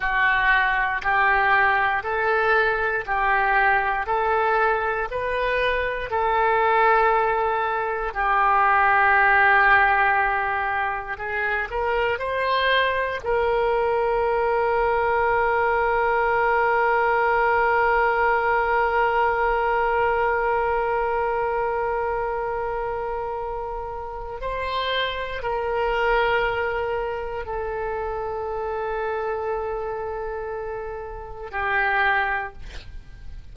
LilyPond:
\new Staff \with { instrumentName = "oboe" } { \time 4/4 \tempo 4 = 59 fis'4 g'4 a'4 g'4 | a'4 b'4 a'2 | g'2. gis'8 ais'8 | c''4 ais'2.~ |
ais'1~ | ais'1 | c''4 ais'2 a'4~ | a'2. g'4 | }